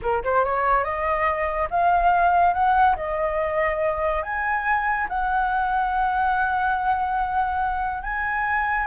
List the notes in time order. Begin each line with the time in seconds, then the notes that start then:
0.02 A#4
0.23 C5
0.44 C#5
0.84 D#5
1.70 F5
2.53 F#5
2.96 D#5
4.23 G#5
5.08 F#5
8.02 G#5